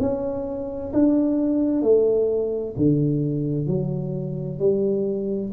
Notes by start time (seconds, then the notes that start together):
0.00 C#4
0.93 D4
1.82 A3
2.77 D3
3.67 F#3
4.59 G3